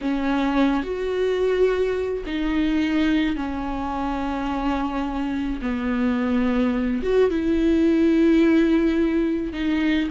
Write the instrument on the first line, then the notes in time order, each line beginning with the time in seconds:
viola
0.01 C#4
0.83 F#4
2.26 D#4
3.35 C#4
5.61 B3
7.02 F#4
7.30 E4
9.52 D#4